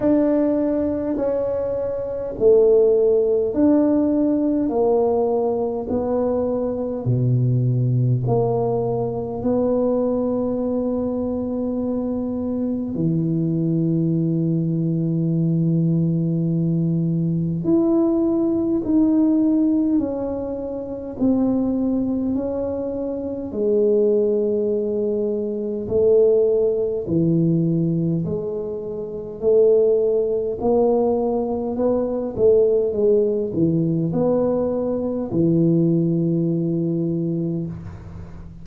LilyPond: \new Staff \with { instrumentName = "tuba" } { \time 4/4 \tempo 4 = 51 d'4 cis'4 a4 d'4 | ais4 b4 b,4 ais4 | b2. e4~ | e2. e'4 |
dis'4 cis'4 c'4 cis'4 | gis2 a4 e4 | gis4 a4 ais4 b8 a8 | gis8 e8 b4 e2 | }